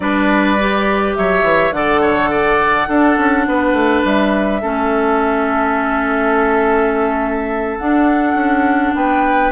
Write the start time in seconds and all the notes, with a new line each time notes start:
0.00 G3 D4 B4 D5
0.59 G4
1.15 F#3 C#5 E5
1.43 E3
1.71 D3 A4 D5 F#5
2.01 C#5
2.30 D5
2.88 D4 A4
3.17 C#4
3.47 B3 B4
3.72 A3
4.04 G3 E5
4.61 A3 C#4 A4
7.78 D4 F#5
8.34 C#4
8.95 B3 B4 G5